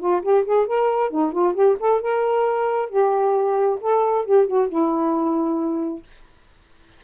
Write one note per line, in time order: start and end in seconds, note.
0.00 0.22 F4
0.23 0.45 G4
0.45 0.67 G#4
0.67 1.11 A#4
1.11 1.32 D#4
1.32 1.55 F4
1.55 1.77 G4
1.80 2.01 A4
2.01 2.90 A#4
2.90 3.80 G4
3.81 4.26 A4
4.26 4.48 G4
4.48 4.69 F#4
4.69 6.03 E4